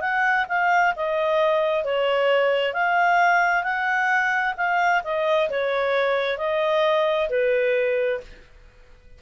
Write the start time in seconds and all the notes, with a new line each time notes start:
0.00 F#5
0.48 F5
0.95 D#5
1.84 C#5
2.73 F5
3.63 F#5
4.57 F5
5.04 D#5
5.50 C#5
6.38 D#5
7.29 B4